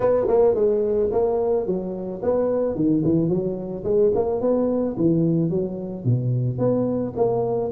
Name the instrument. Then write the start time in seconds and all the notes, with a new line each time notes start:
tuba
0.00 B3
0.27 A#3
0.55 G#3
1.11 A#3
1.66 F#3
2.22 B3
2.75 D#3
3.04 E3
3.28 F#3
3.84 G#3
4.14 A#3
4.40 B3
4.96 E3
5.50 F#3
6.04 B2
6.58 B3
7.16 A#3